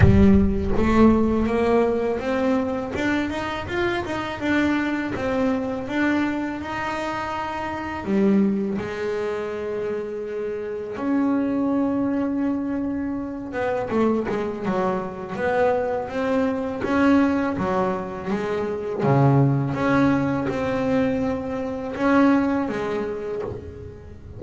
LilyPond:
\new Staff \with { instrumentName = "double bass" } { \time 4/4 \tempo 4 = 82 g4 a4 ais4 c'4 | d'8 dis'8 f'8 dis'8 d'4 c'4 | d'4 dis'2 g4 | gis2. cis'4~ |
cis'2~ cis'8 b8 a8 gis8 | fis4 b4 c'4 cis'4 | fis4 gis4 cis4 cis'4 | c'2 cis'4 gis4 | }